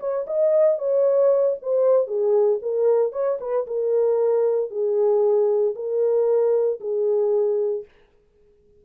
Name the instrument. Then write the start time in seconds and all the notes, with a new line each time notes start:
horn
0.00 C#5
0.27 D#5
0.79 C#5
1.62 C5
2.08 G#4
2.63 A#4
3.13 C#5
3.41 B4
3.67 A#4
4.71 G#4
5.76 A#4
6.81 G#4